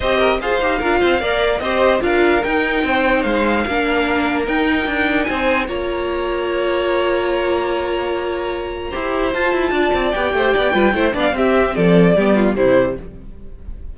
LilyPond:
<<
  \new Staff \with { instrumentName = "violin" } { \time 4/4 \tempo 4 = 148 dis''4 f''2. | dis''4 f''4 g''2 | f''2. g''4~ | g''4 gis''4 ais''2~ |
ais''1~ | ais''2. a''4~ | a''4 g''2~ g''8 f''8 | e''4 d''2 c''4 | }
  \new Staff \with { instrumentName = "violin" } { \time 4/4 c''8 ais'8 c''4 ais'8 c''8 d''4 | c''4 ais'2 c''4~ | c''4 ais'2.~ | ais'4 c''4 cis''2~ |
cis''1~ | cis''2 c''2 | d''4. c''8 d''8 b'8 c''8 d''8 | g'4 a'4 g'8 f'8 e'4 | }
  \new Staff \with { instrumentName = "viola" } { \time 4/4 g'4 gis'8 g'8 f'4 ais'4 | g'4 f'4 dis'2~ | dis'4 d'2 dis'4~ | dis'2 f'2~ |
f'1~ | f'2 g'4 f'4~ | f'4 g'4. f'8 e'8 d'8 | c'2 b4 g4 | }
  \new Staff \with { instrumentName = "cello" } { \time 4/4 c'4 f'8 dis'8 d'8 c'8 ais4 | c'4 d'4 dis'4 c'4 | gis4 ais2 dis'4 | d'4 c'4 ais2~ |
ais1~ | ais2 e'4 f'8 e'8 | d'8 c'8 b8 a8 b8 g8 a8 b8 | c'4 f4 g4 c4 | }
>>